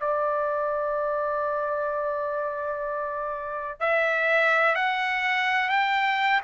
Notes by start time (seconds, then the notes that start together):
0.00 D5
3.80 E5
4.75 F#5
5.69 G5